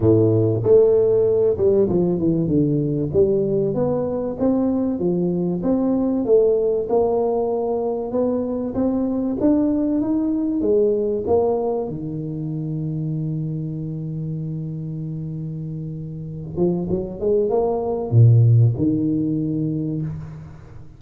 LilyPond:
\new Staff \with { instrumentName = "tuba" } { \time 4/4 \tempo 4 = 96 a,4 a4. g8 f8 e8 | d4 g4 b4 c'4 | f4 c'4 a4 ais4~ | ais4 b4 c'4 d'4 |
dis'4 gis4 ais4 dis4~ | dis1~ | dis2~ dis8 f8 fis8 gis8 | ais4 ais,4 dis2 | }